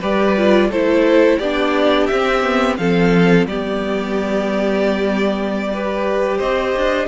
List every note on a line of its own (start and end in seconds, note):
0.00 0.70 G3
0.00 0.36 G4
0.00 0.69 B4
0.00 0.71 D5
0.37 0.72 F4
0.70 1.39 A3
0.70 1.42 E4
0.70 1.38 A4
0.70 1.39 C5
1.38 2.09 B3
1.38 2.12 D4
1.38 2.76 G4
1.38 2.07 D5
2.07 2.79 C4
2.07 2.43 C4
2.07 2.76 E5
2.43 2.77 B3
2.77 3.46 F3
2.77 3.49 C4
2.77 3.48 A4
2.77 3.46 F5
3.46 6.39 G3
3.46 5.74 B3
3.46 5.73 G4
3.46 6.39 D5
5.74 7.08 G4
5.74 6.37 B4
6.37 6.76 C4
6.37 7.06 C5
6.37 7.08 D#5
6.76 7.08 D4